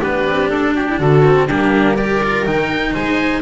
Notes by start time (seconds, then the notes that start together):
0.00 B3 D4 G4 B4
0.27 C4
0.50 D4 A4
0.74 F#4 G4
0.89 E4
0.99 D3 F#4 A4
1.25 C4
1.47 G3 A#3 D4 G4
1.95 G4 A#4 D5
2.24 F4
2.46 D#3 D#4 G5
2.94 G#3 C5 G#5